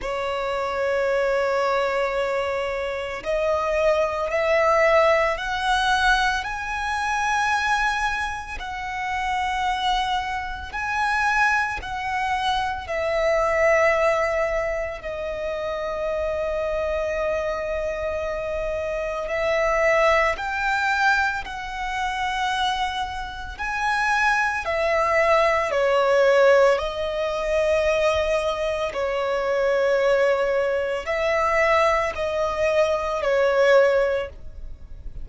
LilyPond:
\new Staff \with { instrumentName = "violin" } { \time 4/4 \tempo 4 = 56 cis''2. dis''4 | e''4 fis''4 gis''2 | fis''2 gis''4 fis''4 | e''2 dis''2~ |
dis''2 e''4 g''4 | fis''2 gis''4 e''4 | cis''4 dis''2 cis''4~ | cis''4 e''4 dis''4 cis''4 | }